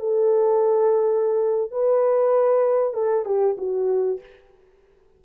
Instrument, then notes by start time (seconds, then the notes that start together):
horn
0.00 A4
1.72 B4
2.94 A4
3.26 G4
3.58 F#4